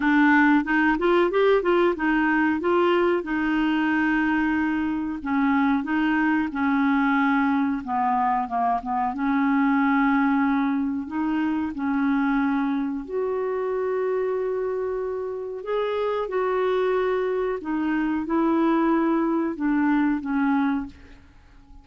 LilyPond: \new Staff \with { instrumentName = "clarinet" } { \time 4/4 \tempo 4 = 92 d'4 dis'8 f'8 g'8 f'8 dis'4 | f'4 dis'2. | cis'4 dis'4 cis'2 | b4 ais8 b8 cis'2~ |
cis'4 dis'4 cis'2 | fis'1 | gis'4 fis'2 dis'4 | e'2 d'4 cis'4 | }